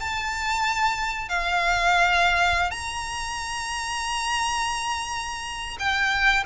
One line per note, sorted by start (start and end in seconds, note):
0.00 1.28 A5
1.28 2.70 F5
2.70 5.77 A#5
5.79 6.43 G5